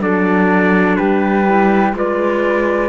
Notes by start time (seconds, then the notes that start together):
0.00 F#3 D4 A4 D5
0.97 G3 G4 B4
1.48 E4
1.94 G#3 F4 B4 D5